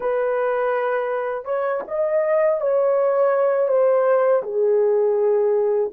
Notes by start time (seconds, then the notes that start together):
0.00 B4
1.44 C#5
1.87 D#5
2.61 C#5
3.68 C5
4.42 G#4